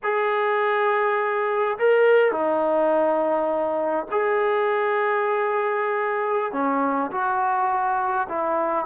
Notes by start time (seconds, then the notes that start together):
0.03 G#4
1.78 A#4
2.31 D#4
4.11 G#4
6.52 C#4
7.11 F#4
8.28 E4